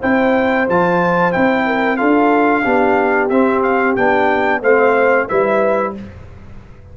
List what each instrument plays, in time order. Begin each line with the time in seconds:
0.00 tuba C4, trombone E4, horn C5, trumpet G5
0.69 tuba F3, trombone F4, trumpet A5
1.32 tuba C4, trombone E4, trumpet G5
1.66 horn A#4
1.97 tuba D4, trombone F4, horn A4, trumpet F5
2.64 tuba B3, trombone D4, horn G4
3.29 tuba C4, trombone C4, trumpet E5
3.62 trumpet F5
3.96 tuba B3, trombone D4, trumpet G5
4.61 tuba A3, trombone C4, horn C5, trumpet F5
5.28 tuba G3, trombone E4, horn B4, trumpet E5